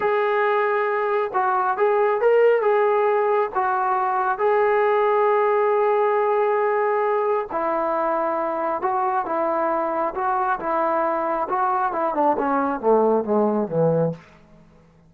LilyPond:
\new Staff \with { instrumentName = "trombone" } { \time 4/4 \tempo 4 = 136 gis'2. fis'4 | gis'4 ais'4 gis'2 | fis'2 gis'2~ | gis'1~ |
gis'4 e'2. | fis'4 e'2 fis'4 | e'2 fis'4 e'8 d'8 | cis'4 a4 gis4 e4 | }